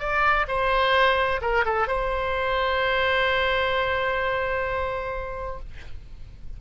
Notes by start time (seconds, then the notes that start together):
0.00 D5
0.48 C5
1.42 A#4
1.66 A4
1.88 C5